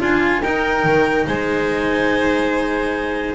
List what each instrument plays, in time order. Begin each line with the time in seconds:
0.00 double bass D4, cello F4, violin F4, clarinet G#5
0.41 double bass D#4, cello D#4, violin A#4, clarinet G5
0.84 double bass D#3
1.26 double bass G#3, violin C5, clarinet G#5